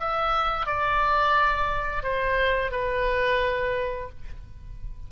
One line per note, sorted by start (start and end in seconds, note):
0.00 0.66 E5
0.66 2.03 D5
2.03 2.71 C5
2.71 4.09 B4